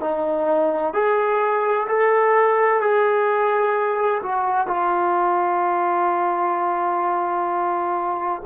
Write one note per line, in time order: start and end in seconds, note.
0.00 0.93 D#4
0.93 1.87 G#4
1.88 2.81 A4
2.81 4.21 G#4
4.22 4.67 F#4
4.67 8.42 F4